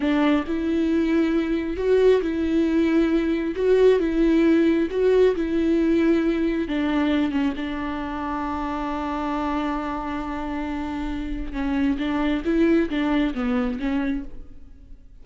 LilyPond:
\new Staff \with { instrumentName = "viola" } { \time 4/4 \tempo 4 = 135 d'4 e'2. | fis'4 e'2. | fis'4 e'2 fis'4 | e'2. d'4~ |
d'8 cis'8 d'2.~ | d'1~ | d'2 cis'4 d'4 | e'4 d'4 b4 cis'4 | }